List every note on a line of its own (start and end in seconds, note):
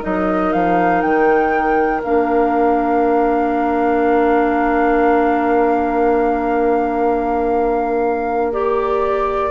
0.00 0.54 F#3
0.00 2.01 D#4
0.00 9.50 A#4
0.00 0.53 D#5
0.53 1.03 F3
0.53 1.02 F5
1.02 2.03 D#3
1.02 2.02 G5
2.04 9.51 A#3
2.04 8.52 D4
2.04 8.53 F5
8.52 9.51 G4
8.52 9.51 D5